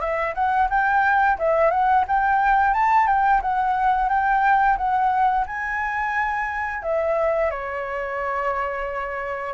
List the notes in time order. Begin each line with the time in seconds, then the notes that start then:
0.00 E5
0.34 F#5
0.69 G5
1.39 E5
1.70 F#5
2.07 G5
2.74 A5
3.07 G5
3.42 F#5
4.08 G5
4.77 F#5
5.46 G#5
6.82 E5
7.50 C#5